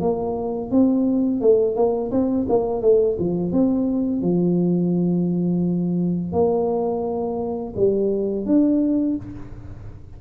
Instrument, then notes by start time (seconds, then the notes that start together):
tuba
0.00 A#3
0.70 C4
1.41 A3
1.75 A#3
2.11 C4
2.48 A#3
2.82 A3
3.19 F3
3.52 C4
4.22 F3
6.32 A#3
7.76 G3
8.45 D4